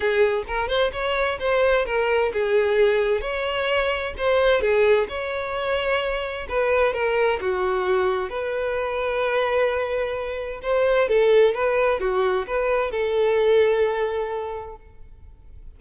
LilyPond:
\new Staff \with { instrumentName = "violin" } { \time 4/4 \tempo 4 = 130 gis'4 ais'8 c''8 cis''4 c''4 | ais'4 gis'2 cis''4~ | cis''4 c''4 gis'4 cis''4~ | cis''2 b'4 ais'4 |
fis'2 b'2~ | b'2. c''4 | a'4 b'4 fis'4 b'4 | a'1 | }